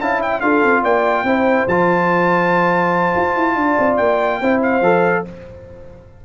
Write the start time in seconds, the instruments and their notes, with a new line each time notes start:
0.00 tuba C#4, trombone E4, horn F5, trumpet A5
0.20 horn E5, trumpet G5
0.41 tuba D4, trombone F4, horn A4, trumpet F5
0.63 tuba C4
0.82 tuba A#3, horn D5, trumpet G5
1.23 tuba C4, trombone E4, horn C5
1.67 tuba F3, trombone F4, trumpet A5
3.16 tuba F4
3.36 tuba E4
3.56 tuba D4, horn D5
3.79 tuba C4
3.97 tuba A#3, trumpet G5
4.41 tuba C4, trombone E4, horn C5
4.62 trumpet F5
4.81 tuba F3, trombone A4